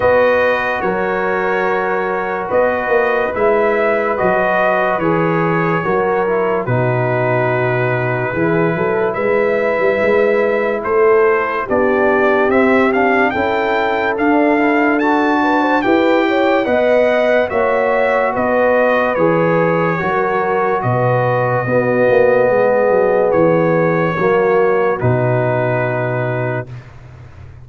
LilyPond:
<<
  \new Staff \with { instrumentName = "trumpet" } { \time 4/4 \tempo 4 = 72 dis''4 cis''2 dis''4 | e''4 dis''4 cis''2 | b'2. e''4~ | e''4 c''4 d''4 e''8 f''8 |
g''4 f''4 a''4 g''4 | fis''4 e''4 dis''4 cis''4~ | cis''4 dis''2. | cis''2 b'2 | }
  \new Staff \with { instrumentName = "horn" } { \time 4/4 b'4 ais'2 b'4~ | b'2. ais'4 | fis'2 gis'8 a'8 b'4~ | b'4 a'4 g'2 |
a'2~ a'8 b'16 c''16 b'8 cis''8 | dis''4 cis''4 b'2 | ais'4 b'4 fis'4 gis'4~ | gis'4 fis'2. | }
  \new Staff \with { instrumentName = "trombone" } { \time 4/4 fis'1 | e'4 fis'4 gis'4 fis'8 e'8 | dis'2 e'2~ | e'2 d'4 c'8 d'8 |
e'4 d'8 e'8 fis'4 g'4 | b'4 fis'2 gis'4 | fis'2 b2~ | b4 ais4 dis'2 | }
  \new Staff \with { instrumentName = "tuba" } { \time 4/4 b4 fis2 b8 ais8 | gis4 fis4 e4 fis4 | b,2 e8 fis8 gis8. g16 | gis4 a4 b4 c'4 |
cis'4 d'2 e'4 | b4 ais4 b4 e4 | fis4 b,4 b8 ais8 gis8 fis8 | e4 fis4 b,2 | }
>>